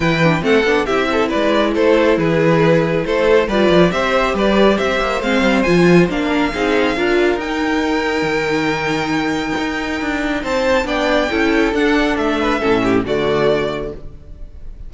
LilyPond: <<
  \new Staff \with { instrumentName = "violin" } { \time 4/4 \tempo 4 = 138 g''4 fis''4 e''4 d''4 | c''4 b'2 c''4 | d''4 e''4 d''4 e''4 | f''4 gis''4 f''2~ |
f''4 g''2.~ | g''1 | a''4 g''2 fis''4 | e''2 d''2 | }
  \new Staff \with { instrumentName = "violin" } { \time 4/4 b'4 a'4 g'8 a'8 b'4 | a'4 gis'2 a'4 | b'4 c''4 b'4 c''4~ | c''2~ c''8 ais'8 gis'4 |
ais'1~ | ais'1 | c''4 d''4 a'2~ | a'8 b'8 a'8 g'8 fis'2 | }
  \new Staff \with { instrumentName = "viola" } { \time 4/4 e'8 d'8 c'8 d'8 e'2~ | e'1 | f'4 g'2. | c'4 f'4 d'4 dis'4 |
f'4 dis'2.~ | dis'1~ | dis'4 d'4 e'4 d'4~ | d'4 cis'4 a2 | }
  \new Staff \with { instrumentName = "cello" } { \time 4/4 e4 a8 b8 c'4 gis4 | a4 e2 a4 | g8 f8 c'4 g4 c'8 ais8 | gis8 g8 f4 ais4 c'4 |
d'4 dis'2 dis4~ | dis2 dis'4 d'4 | c'4 b4 cis'4 d'4 | a4 a,4 d2 | }
>>